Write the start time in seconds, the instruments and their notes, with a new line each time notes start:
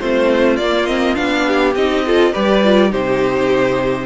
0.00 cello A3, viola C4, violin F4 C5
0.57 cello A#3, viola A#3, violin D5
0.86 viola C4, violin D#5
1.15 cello B3, viola D4, violin F5
1.47 violin G4
1.76 cello C4, viola D#4, violin D#5
2.06 viola F4, violin A4
2.33 cello G3, viola G4, violin B4 D5
2.65 viola F4
2.90 cello C3, viola D#4, violin G4 C5